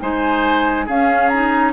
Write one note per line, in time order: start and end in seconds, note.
0.00 0.87 G#3
0.00 0.87 D#4
0.00 0.85 C5
0.00 0.87 G#5
0.85 1.73 C#4
0.85 1.31 C#4
0.85 1.72 G#4
0.85 1.28 F5
1.28 1.73 D#4
1.28 1.72 A#5